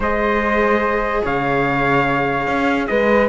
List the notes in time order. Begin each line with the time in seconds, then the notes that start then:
0.00 G#3 G#4 C5 D#5
1.23 C#3 C#5 F5
2.47 C#4
2.87 G#3 B4 D#5